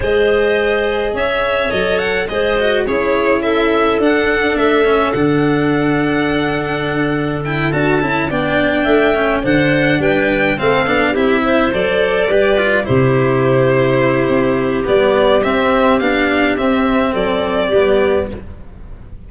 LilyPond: <<
  \new Staff \with { instrumentName = "violin" } { \time 4/4 \tempo 4 = 105 dis''2 e''4 dis''8 fis''8 | dis''4 cis''4 e''4 fis''4 | e''4 fis''2.~ | fis''4 g''8 a''4 g''4.~ |
g''8 fis''4 g''4 f''4 e''8~ | e''8 d''2 c''4.~ | c''2 d''4 e''4 | f''4 e''4 d''2 | }
  \new Staff \with { instrumentName = "clarinet" } { \time 4/4 c''2 cis''2 | c''4 gis'4 a'2~ | a'1~ | a'2~ a'8 d''4 e''8~ |
e''8 c''4 b'4 a'4 g'8 | c''4. b'4 g'4.~ | g'1~ | g'2 a'4 g'4 | }
  \new Staff \with { instrumentName = "cello" } { \time 4/4 gis'2. a'4 | gis'8 fis'8 e'2 d'4~ | d'8 cis'8 d'2.~ | d'4 e'8 fis'8 e'8 d'4. |
cis'8 d'2 c'8 d'8 e'8~ | e'8 a'4 g'8 f'8 e'4.~ | e'2 b4 c'4 | d'4 c'2 b4 | }
  \new Staff \with { instrumentName = "tuba" } { \time 4/4 gis2 cis'4 fis4 | gis4 cis'2 d'4 | a4 d2.~ | d4. d'8 cis'8 b4 a8~ |
a8 d4 g4 a8 b8 c'8~ | c'8 fis4 g4 c4.~ | c4 c'4 g4 c'4 | b4 c'4 fis4 g4 | }
>>